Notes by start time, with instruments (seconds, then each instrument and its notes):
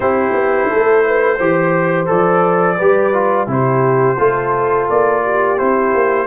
0.00 tuba C4, trombone E4, horn G4, trumpet C5
0.32 tuba B3
0.69 tuba A3, horn A4
1.07 horn B4
1.37 tuba E3, trombone G4, horn C5
2.06 tuba F3, trombone A4, trumpet D5
2.77 tuba G3, trombone G4, horn B4
3.13 trombone F4
3.47 tuba C3, trombone E4, horn G4, trumpet C5
4.18 tuba A3, trombone F4, horn A4
4.89 tuba A#3, trumpet D5
5.23 horn G4
5.58 tuba C4, trombone E4, trumpet C5
5.93 tuba A#3